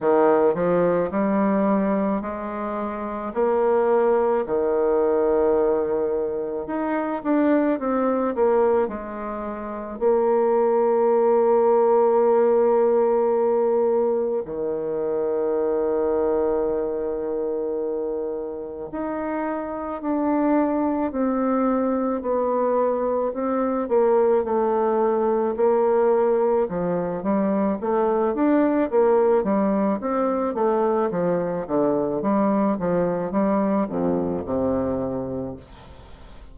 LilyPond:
\new Staff \with { instrumentName = "bassoon" } { \time 4/4 \tempo 4 = 54 dis8 f8 g4 gis4 ais4 | dis2 dis'8 d'8 c'8 ais8 | gis4 ais2.~ | ais4 dis2.~ |
dis4 dis'4 d'4 c'4 | b4 c'8 ais8 a4 ais4 | f8 g8 a8 d'8 ais8 g8 c'8 a8 | f8 d8 g8 f8 g8 f,8 c4 | }